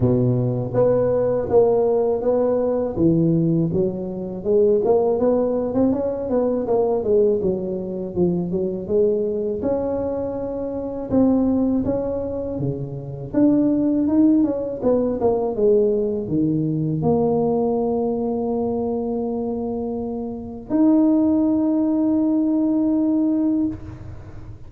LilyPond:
\new Staff \with { instrumentName = "tuba" } { \time 4/4 \tempo 4 = 81 b,4 b4 ais4 b4 | e4 fis4 gis8 ais8 b8. c'16 | cis'8 b8 ais8 gis8 fis4 f8 fis8 | gis4 cis'2 c'4 |
cis'4 cis4 d'4 dis'8 cis'8 | b8 ais8 gis4 dis4 ais4~ | ais1 | dis'1 | }